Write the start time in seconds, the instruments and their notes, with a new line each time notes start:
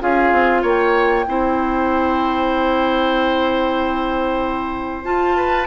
0.00 bassoon C#4, clarinet F4, oboe G#4, flute F5
0.32 bassoon C4
0.62 bassoon A#3, oboe C#5, flute G5
1.27 bassoon C4, clarinet E4, oboe C5
5.04 bassoon F4, clarinet F4, flute A5
5.36 oboe B4